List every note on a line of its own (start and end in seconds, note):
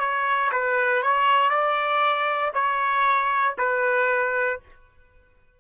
0.00 0.51 C#5
0.52 1.03 B4
1.03 1.50 C#5
1.50 2.52 D5
2.54 3.56 C#5
3.59 4.60 B4